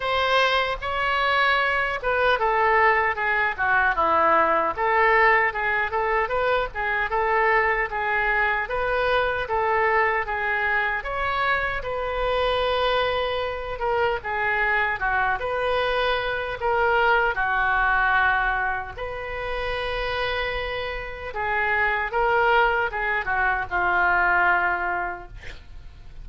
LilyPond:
\new Staff \with { instrumentName = "oboe" } { \time 4/4 \tempo 4 = 76 c''4 cis''4. b'8 a'4 | gis'8 fis'8 e'4 a'4 gis'8 a'8 | b'8 gis'8 a'4 gis'4 b'4 | a'4 gis'4 cis''4 b'4~ |
b'4. ais'8 gis'4 fis'8 b'8~ | b'4 ais'4 fis'2 | b'2. gis'4 | ais'4 gis'8 fis'8 f'2 | }